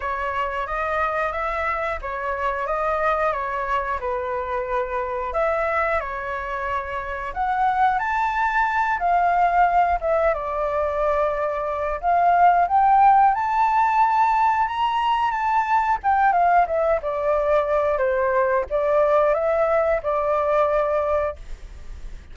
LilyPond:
\new Staff \with { instrumentName = "flute" } { \time 4/4 \tempo 4 = 90 cis''4 dis''4 e''4 cis''4 | dis''4 cis''4 b'2 | e''4 cis''2 fis''4 | a''4. f''4. e''8 d''8~ |
d''2 f''4 g''4 | a''2 ais''4 a''4 | g''8 f''8 e''8 d''4. c''4 | d''4 e''4 d''2 | }